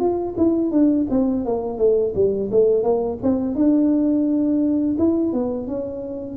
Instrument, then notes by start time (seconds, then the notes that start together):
tuba
0.00 F4
0.38 E4
0.72 D4
1.10 C4
1.46 A#3
1.78 A3
2.15 G3
2.52 A3
2.84 A#3
3.23 C4
3.56 D4
4.99 E4
5.33 B3
5.68 C#4